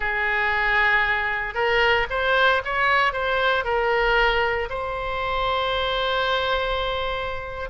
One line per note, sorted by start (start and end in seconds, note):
0.00 1.54 G#4
1.54 2.06 A#4
2.09 2.62 C5
2.64 3.12 C#5
3.12 3.64 C5
3.64 4.68 A#4
4.69 7.69 C5